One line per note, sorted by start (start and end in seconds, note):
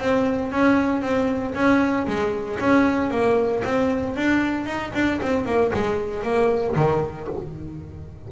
0.00 0.52 C4
0.52 1.02 C#4
1.02 1.55 C4
1.55 2.07 C#4
2.08 2.60 G#3
2.60 3.11 C#4
3.11 3.63 A#3
3.65 4.17 C4
4.17 4.66 D4
4.66 4.93 D#4
4.95 5.21 D4
5.23 5.46 C4
5.46 5.72 A#3
5.74 6.23 G#3
6.23 6.76 A#3
6.76 7.29 D#3